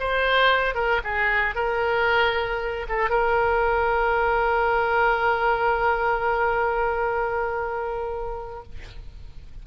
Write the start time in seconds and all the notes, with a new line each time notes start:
0.00 C5
0.75 A#4
1.04 G#4
1.55 A#4
2.89 A4
3.10 A#4